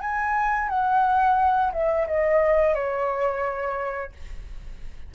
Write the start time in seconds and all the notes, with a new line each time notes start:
0.00 G#5
0.68 F#5
1.72 E5
2.07 D#5
2.74 C#5